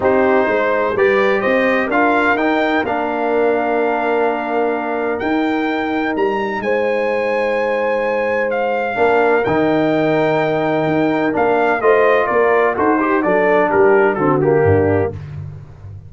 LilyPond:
<<
  \new Staff \with { instrumentName = "trumpet" } { \time 4/4 \tempo 4 = 127 c''2 d''4 dis''4 | f''4 g''4 f''2~ | f''2. g''4~ | g''4 ais''4 gis''2~ |
gis''2 f''2 | g''1 | f''4 dis''4 d''4 c''4 | d''4 ais'4 a'8 g'4. | }
  \new Staff \with { instrumentName = "horn" } { \time 4/4 g'4 c''4 b'4 c''4 | ais'1~ | ais'1~ | ais'2 c''2~ |
c''2. ais'4~ | ais'1~ | ais'4 c''4 ais'4 a'8 g'8 | a'4 g'4 fis'4 d'4 | }
  \new Staff \with { instrumentName = "trombone" } { \time 4/4 dis'2 g'2 | f'4 dis'4 d'2~ | d'2. dis'4~ | dis'1~ |
dis'2. d'4 | dis'1 | d'4 f'2 fis'8 g'8 | d'2 c'8 ais4. | }
  \new Staff \with { instrumentName = "tuba" } { \time 4/4 c'4 gis4 g4 c'4 | d'4 dis'4 ais2~ | ais2. dis'4~ | dis'4 g4 gis2~ |
gis2. ais4 | dis2. dis'4 | ais4 a4 ais4 dis'4 | fis4 g4 d4 g,4 | }
>>